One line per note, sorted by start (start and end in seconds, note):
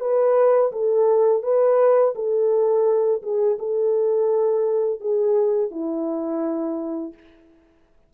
0.00 0.71 B4
0.72 1.43 A4
1.43 2.14 B4
2.15 3.22 A4
3.22 3.58 G#4
3.59 5.00 A4
5.00 5.71 G#4
5.71 7.14 E4